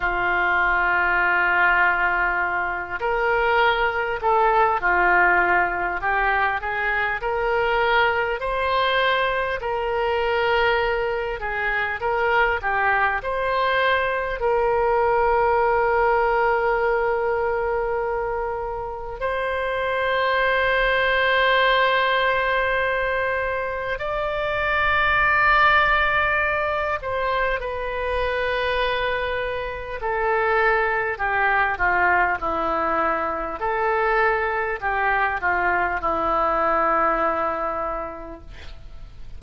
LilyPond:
\new Staff \with { instrumentName = "oboe" } { \time 4/4 \tempo 4 = 50 f'2~ f'8 ais'4 a'8 | f'4 g'8 gis'8 ais'4 c''4 | ais'4. gis'8 ais'8 g'8 c''4 | ais'1 |
c''1 | d''2~ d''8 c''8 b'4~ | b'4 a'4 g'8 f'8 e'4 | a'4 g'8 f'8 e'2 | }